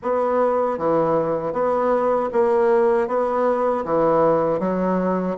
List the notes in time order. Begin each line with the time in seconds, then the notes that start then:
0.02 B3
0.78 E3
1.52 B3
2.32 A#3
3.07 B3
3.84 E3
4.59 F#3